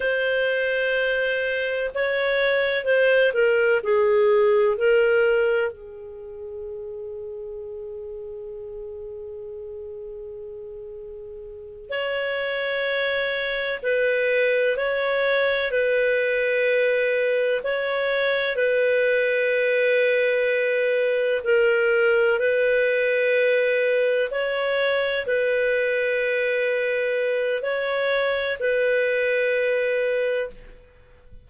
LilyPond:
\new Staff \with { instrumentName = "clarinet" } { \time 4/4 \tempo 4 = 63 c''2 cis''4 c''8 ais'8 | gis'4 ais'4 gis'2~ | gis'1~ | gis'8 cis''2 b'4 cis''8~ |
cis''8 b'2 cis''4 b'8~ | b'2~ b'8 ais'4 b'8~ | b'4. cis''4 b'4.~ | b'4 cis''4 b'2 | }